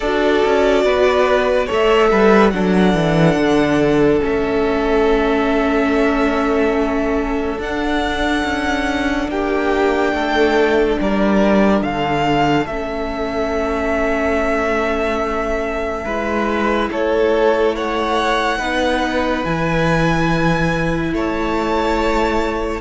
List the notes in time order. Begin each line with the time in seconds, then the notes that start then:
0.00 D4 F#4 A4 D5
0.45 C#4
0.84 B3 B4
1.66 A3 A4 C#5 E5
2.11 G3 B4
2.50 F#3 D4 A4 F#5
2.93 E3
3.35 D3
4.20 A3 C#4 E5
7.58 D4 F#5
8.43 C#4
9.28 A#3 G4 G5
10.12 A3 A4
11.00 G3 A#4 D5
11.82 D3 A4 F5
12.66 A3 C#4 E5
16.04 G#3 E4 B4
16.90 A3 A4 C#5
17.75 C#5 F#5
18.58 B3 D#4 B4
19.44 E3 E4 G#5
21.12 A3 C#5 A5